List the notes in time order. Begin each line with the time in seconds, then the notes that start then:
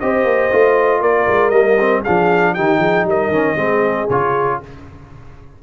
0.00 C4 G4 C5 D#5
0.24 A#3
0.52 A3 F4
1.01 A#3 A#4 D5
1.28 G#3
1.50 G3 A#3 D#5
1.80 C4
2.02 D4 G#4 F5
2.08 F3
2.55 D#3 D#4 G4 G5
2.79 F3 G#4
3.04 G3 A#4 D#5
3.28 D#3 C#4
3.56 G#3 C4 G#4
4.10 C#3 F4 C#5